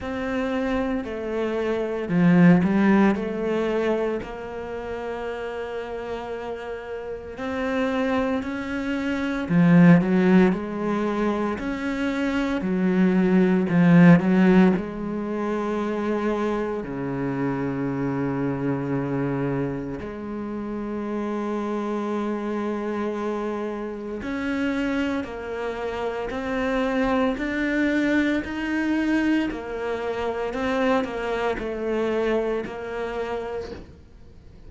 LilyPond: \new Staff \with { instrumentName = "cello" } { \time 4/4 \tempo 4 = 57 c'4 a4 f8 g8 a4 | ais2. c'4 | cis'4 f8 fis8 gis4 cis'4 | fis4 f8 fis8 gis2 |
cis2. gis4~ | gis2. cis'4 | ais4 c'4 d'4 dis'4 | ais4 c'8 ais8 a4 ais4 | }